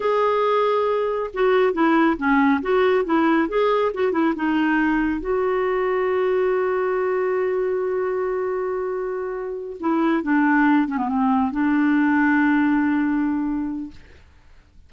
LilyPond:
\new Staff \with { instrumentName = "clarinet" } { \time 4/4 \tempo 4 = 138 gis'2. fis'4 | e'4 cis'4 fis'4 e'4 | gis'4 fis'8 e'8 dis'2 | fis'1~ |
fis'1~ | fis'2~ fis'8 e'4 d'8~ | d'4 cis'16 b16 c'4 d'4.~ | d'1 | }